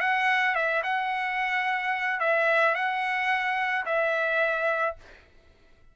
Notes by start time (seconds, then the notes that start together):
0.00 F#5
0.55 E5
0.83 F#5
2.20 E5
2.75 F#5
3.86 E5